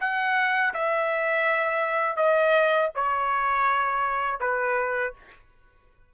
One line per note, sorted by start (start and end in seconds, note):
0.00 0.73 F#5
0.74 2.16 E5
2.16 2.89 D#5
2.95 4.40 C#5
4.40 5.13 B4